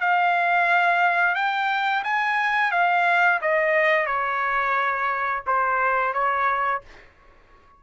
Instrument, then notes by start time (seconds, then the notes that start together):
trumpet
0.00 F5
1.35 G5
2.03 G#5
2.71 F5
3.41 D#5
4.06 C#5
5.46 C5
6.13 C#5